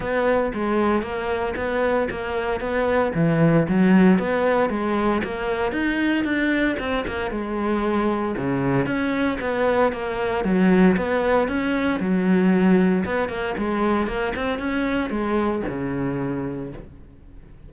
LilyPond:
\new Staff \with { instrumentName = "cello" } { \time 4/4 \tempo 4 = 115 b4 gis4 ais4 b4 | ais4 b4 e4 fis4 | b4 gis4 ais4 dis'4 | d'4 c'8 ais8 gis2 |
cis4 cis'4 b4 ais4 | fis4 b4 cis'4 fis4~ | fis4 b8 ais8 gis4 ais8 c'8 | cis'4 gis4 cis2 | }